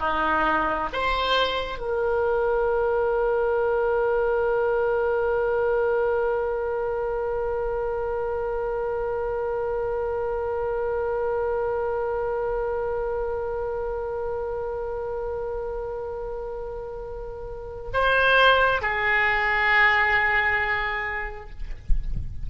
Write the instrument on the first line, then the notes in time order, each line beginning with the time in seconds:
oboe
0.00 D#4
0.93 C5
1.79 A#4
17.94 C5
18.82 G#4